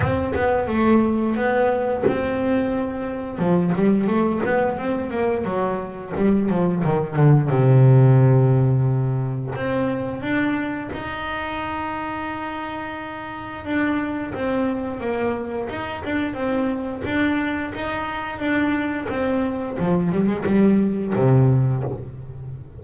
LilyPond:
\new Staff \with { instrumentName = "double bass" } { \time 4/4 \tempo 4 = 88 c'8 b8 a4 b4 c'4~ | c'4 f8 g8 a8 b8 c'8 ais8 | fis4 g8 f8 dis8 d8 c4~ | c2 c'4 d'4 |
dis'1 | d'4 c'4 ais4 dis'8 d'8 | c'4 d'4 dis'4 d'4 | c'4 f8 g16 gis16 g4 c4 | }